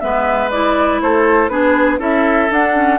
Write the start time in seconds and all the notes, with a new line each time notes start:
0.00 G#3 B3 B4 E5
0.50 E4 D5
1.01 A3 A4 C5
1.49 B3 D4 G#4 B4
1.99 C#4 E4 A4 E5
2.51 D4 F#5
2.74 C#4